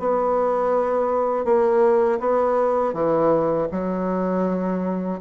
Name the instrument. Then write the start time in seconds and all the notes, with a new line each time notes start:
bassoon
0.00 B3
1.45 A#3
2.20 B3
2.94 E3
3.72 F#3